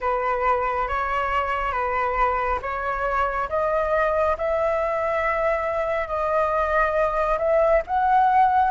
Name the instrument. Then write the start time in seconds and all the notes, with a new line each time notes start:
flute
0.00 B4
0.87 C#5
1.72 B4
2.61 C#5
3.49 D#5
4.37 E5
6.07 D#5
7.38 E5
7.87 F#5